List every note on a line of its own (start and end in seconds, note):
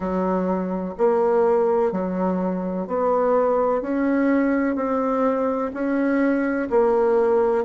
0.00 0.94 F#3
0.97 1.91 A#3
1.91 2.87 F#3
2.87 3.81 B3
3.81 4.75 C#4
4.75 5.71 C4
5.73 6.68 C#4
6.70 7.64 A#3